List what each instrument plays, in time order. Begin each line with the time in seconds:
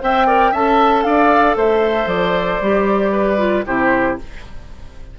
0.00 bassoon C4, clarinet C5, oboe E5, flute G5
0.27 clarinet A#4, oboe D5
0.51 bassoon C#4, clarinet A4, oboe E5, flute A5
1.03 bassoon D4, oboe D5, flute F5
1.56 bassoon A3, oboe C5, flute E5
2.06 bassoon F3, flute D5
2.61 bassoon G3, clarinet G4
3.12 oboe B4
3.37 clarinet F4
3.66 bassoon C3, clarinet E4, oboe G4, flute C5